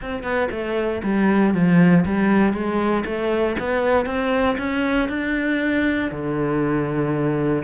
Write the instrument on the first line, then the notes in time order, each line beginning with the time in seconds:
cello
0.01 C4
0.23 B3
0.51 A3
1.03 G3
1.54 F3
2.05 G3
2.53 G#3
3.05 A3
3.59 B3
4.05 C4
4.58 C#4
5.08 D4
6.11 D3